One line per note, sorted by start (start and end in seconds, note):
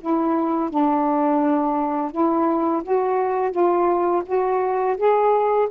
0.00 0.69 E4
0.69 2.11 D4
2.11 2.82 E4
2.83 3.51 F#4
3.51 4.22 F4
4.25 4.96 F#4
4.97 5.68 G#4